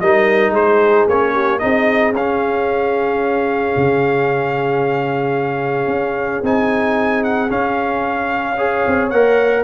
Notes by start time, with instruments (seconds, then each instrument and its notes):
0.00 tuba G3, trombone D#4, horn A#4, trumpet D#5
0.50 tuba G#3, horn G#4, trumpet C5
1.08 tuba A#3, trombone C#4, trumpet C#5
1.33 horn G4
1.59 tuba C4, trombone D#4, horn G#4, trumpet D#5
2.12 tuba C#4, trombone C#4, trumpet F5
3.76 tuba C#3
5.87 tuba C#4
6.42 tuba C4, trombone D#4, trumpet G#5
7.24 trumpet F#5
7.49 trombone C#4, tuba C#4, trumpet F5
8.55 trombone G#4, horn C#5
8.87 tuba C4
9.10 tuba A#3, trombone A#4, trumpet F#5